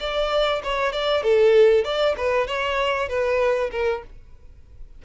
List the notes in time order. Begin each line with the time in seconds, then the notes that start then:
0.00 D5
0.64 C#5
0.93 D5
1.23 A4
1.84 D5
2.17 B4
2.47 C#5
3.09 B4
3.71 A#4